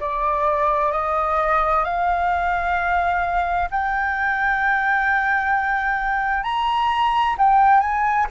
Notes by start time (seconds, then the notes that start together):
0.00 D5
0.92 D#5
1.84 F5
3.71 G5
6.43 A#5
7.38 G5
7.80 G#5